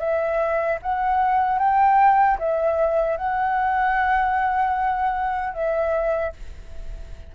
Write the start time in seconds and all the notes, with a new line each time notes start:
0.00 E5
0.83 F#5
1.59 G5
2.39 E5
3.17 F#5
5.54 E5